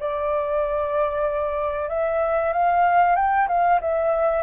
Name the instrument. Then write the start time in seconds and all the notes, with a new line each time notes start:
flute
0.00 D5
1.89 E5
2.53 F5
3.16 G5
3.48 F5
3.81 E5